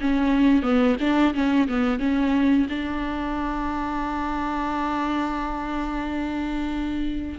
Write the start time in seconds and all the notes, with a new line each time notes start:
0.00 C#4
0.62 B3
1.00 D4
1.34 C#4
1.68 B3
1.99 C#4
2.69 D4